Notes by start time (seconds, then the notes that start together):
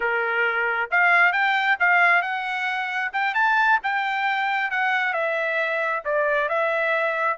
0.00 A#4
0.90 F5
1.32 G5
1.79 F5
2.22 F#5
3.13 G5
3.34 A5
3.83 G5
4.70 F#5
5.13 E5
6.04 D5
6.48 E5